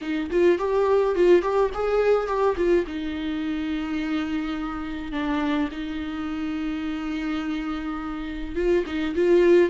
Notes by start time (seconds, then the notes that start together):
0.01 D#4
0.30 F4
0.58 G4
1.15 F4
1.42 G4
1.74 G#4
2.27 G4
2.56 F4
2.86 D#4
5.11 D4
5.71 D#4
8.55 F4
8.86 D#4
9.15 F4